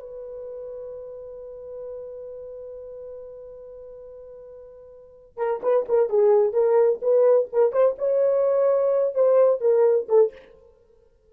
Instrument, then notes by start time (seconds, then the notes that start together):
horn
0.00 B4
5.37 A#4
5.63 B4
5.88 A#4
6.10 G#4
6.53 A#4
7.02 B4
7.53 A#4
7.72 C5
7.98 C#5
9.15 C5
9.61 A#4
10.09 A4